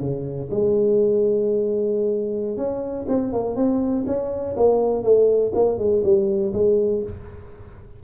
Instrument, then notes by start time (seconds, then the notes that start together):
tuba
0.00 C#3
0.50 G#3
2.56 C#4
3.08 C4
3.32 A#3
3.55 C4
4.06 C#4
4.56 A#3
5.03 A3
5.54 A#3
5.78 G#3
6.04 G3
6.53 G#3